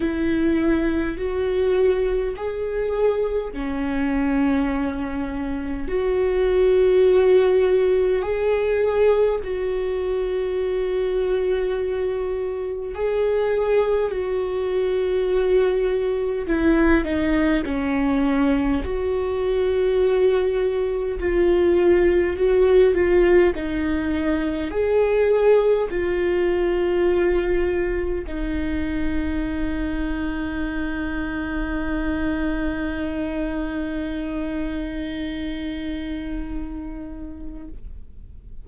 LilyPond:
\new Staff \with { instrumentName = "viola" } { \time 4/4 \tempo 4 = 51 e'4 fis'4 gis'4 cis'4~ | cis'4 fis'2 gis'4 | fis'2. gis'4 | fis'2 e'8 dis'8 cis'4 |
fis'2 f'4 fis'8 f'8 | dis'4 gis'4 f'2 | dis'1~ | dis'1 | }